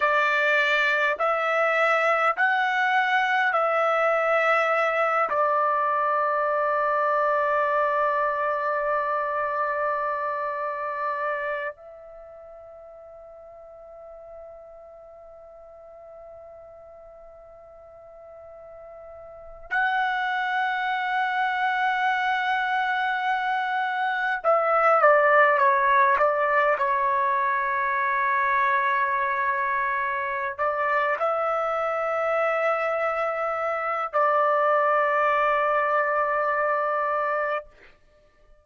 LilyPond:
\new Staff \with { instrumentName = "trumpet" } { \time 4/4 \tempo 4 = 51 d''4 e''4 fis''4 e''4~ | e''8 d''2.~ d''8~ | d''2 e''2~ | e''1~ |
e''8. fis''2.~ fis''16~ | fis''8. e''8 d''8 cis''8 d''8 cis''4~ cis''16~ | cis''2 d''8 e''4.~ | e''4 d''2. | }